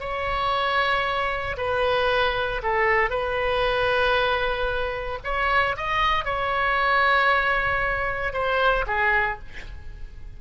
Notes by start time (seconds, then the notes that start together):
0.00 C#5
1.57 B4
2.63 A4
3.10 B4
5.24 C#5
5.77 D#5
6.25 C#5
8.33 C5
8.87 G#4